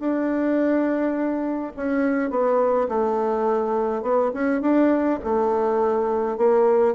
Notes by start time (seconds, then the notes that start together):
0.00 D4
1.77 C#4
2.31 B3
2.89 A3
4.03 B3
4.34 C#4
4.62 D4
5.24 A3
6.38 A#3